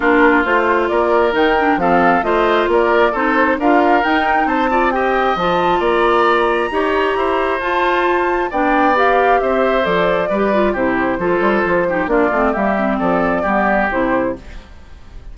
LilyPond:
<<
  \new Staff \with { instrumentName = "flute" } { \time 4/4 \tempo 4 = 134 ais'4 c''4 d''4 g''4 | f''4 dis''4 d''4 c''4 | f''4 g''4 a''4 g''4 | a''4 ais''2.~ |
ais''4 a''2 g''4 | f''4 e''4 d''2 | c''2. d''4 | e''4 d''2 c''4 | }
  \new Staff \with { instrumentName = "oboe" } { \time 4/4 f'2 ais'2 | a'4 c''4 ais'4 a'4 | ais'2 c''8 d''8 dis''4~ | dis''4 d''2 cis''4 |
c''2. d''4~ | d''4 c''2 b'4 | g'4 a'4. g'8 f'4 | g'4 a'4 g'2 | }
  \new Staff \with { instrumentName = "clarinet" } { \time 4/4 d'4 f'2 dis'8 d'8 | c'4 f'2 dis'4 | f'4 dis'4. f'8 g'4 | f'2. g'4~ |
g'4 f'2 d'4 | g'2 a'4 g'8 f'8 | e'4 f'4. dis'8 d'8 c'8 | ais8 c'4. b4 e'4 | }
  \new Staff \with { instrumentName = "bassoon" } { \time 4/4 ais4 a4 ais4 dis4 | f4 a4 ais4 c'4 | d'4 dis'4 c'2 | f4 ais2 dis'4 |
e'4 f'2 b4~ | b4 c'4 f4 g4 | c4 f8 g8 f4 ais8 a8 | g4 f4 g4 c4 | }
>>